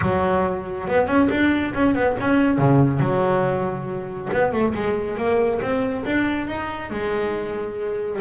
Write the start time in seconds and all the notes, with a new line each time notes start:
0.01 F#3
0.87 B3
1.07 C#4
1.30 D4
1.74 C#4
1.94 B3
2.20 C#4
2.57 C#3
2.99 F#3
4.32 B3
4.52 A3
4.74 G#3
5.17 A#3
5.61 C4
6.05 D4
6.47 D#4
6.90 G#3